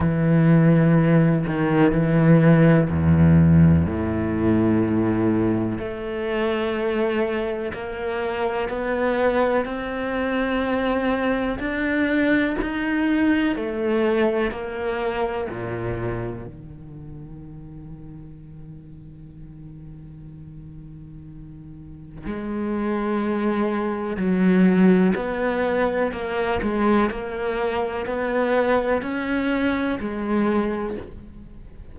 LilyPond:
\new Staff \with { instrumentName = "cello" } { \time 4/4 \tempo 4 = 62 e4. dis8 e4 e,4 | a,2 a2 | ais4 b4 c'2 | d'4 dis'4 a4 ais4 |
ais,4 dis2.~ | dis2. gis4~ | gis4 fis4 b4 ais8 gis8 | ais4 b4 cis'4 gis4 | }